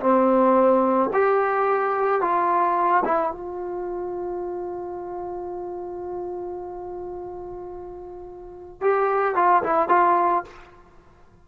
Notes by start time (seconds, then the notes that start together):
0.00 C4
1.13 G4
2.21 F4
3.05 E4
3.32 F4
8.81 G4
9.35 F4
9.63 E4
9.89 F4